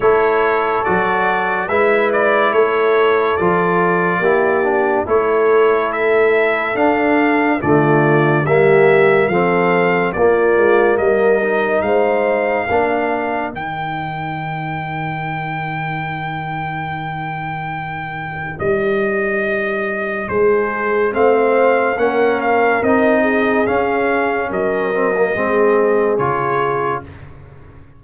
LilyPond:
<<
  \new Staff \with { instrumentName = "trumpet" } { \time 4/4 \tempo 4 = 71 cis''4 d''4 e''8 d''8 cis''4 | d''2 cis''4 e''4 | f''4 d''4 e''4 f''4 | d''4 dis''4 f''2 |
g''1~ | g''2 dis''2 | c''4 f''4 fis''8 f''8 dis''4 | f''4 dis''2 cis''4 | }
  \new Staff \with { instrumentName = "horn" } { \time 4/4 a'2 b'4 a'4~ | a'4 g'4 a'2~ | a'4 f'4 g'4 a'4 | f'4 ais'4 c''4 ais'4~ |
ais'1~ | ais'1 | gis'4 c''4 ais'4. gis'8~ | gis'4 ais'4 gis'2 | }
  \new Staff \with { instrumentName = "trombone" } { \time 4/4 e'4 fis'4 e'2 | f'4 e'8 d'8 e'2 | d'4 a4 ais4 c'4 | ais4. dis'4. d'4 |
dis'1~ | dis'1~ | dis'4 c'4 cis'4 dis'4 | cis'4. c'16 ais16 c'4 f'4 | }
  \new Staff \with { instrumentName = "tuba" } { \time 4/4 a4 fis4 gis4 a4 | f4 ais4 a2 | d'4 d4 g4 f4 | ais8 gis8 g4 gis4 ais4 |
dis1~ | dis2 g2 | gis4 a4 ais4 c'4 | cis'4 fis4 gis4 cis4 | }
>>